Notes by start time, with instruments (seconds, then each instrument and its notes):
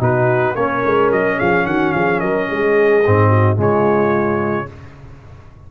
0.00 tuba B2, trombone D#4, horn F#4, trumpet B4
0.55 tuba A#3, trombone C#4, horn A#4, trumpet C#5
0.86 tuba G#3
1.11 tuba F#3, trumpet D#5
1.38 tuba F3, horn G#4, trumpet F5
1.66 tuba D#3, horn F#4, trumpet F#5
1.93 tuba F3, horn G#4, trumpet F5
2.20 tuba F#3, horn A#4, trumpet D#5
2.49 tuba G#3, horn G#4
3.06 tuba G#2, trombone C4
3.30 horn F#4
3.56 tuba C#3, trombone G#3, horn F4, trumpet C#5